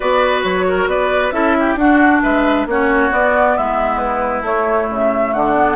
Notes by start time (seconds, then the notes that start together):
0.00 B3 F#4 B4 D5
0.43 F#3 C#5
0.68 A#4
0.86 B3 B4 D5
1.31 C#4 E4 A4 E5
1.59 G4
1.75 D4 F#4 F#5
2.22 G#3 B4 E5
2.66 A#3 C#4 F#4 C#5
3.10 B3 D5
3.57 G#3 E4 E5
3.97 B4
4.41 A3 C#5
4.90 C#3 E5
5.33 D3 D4 F#5
5.55 B3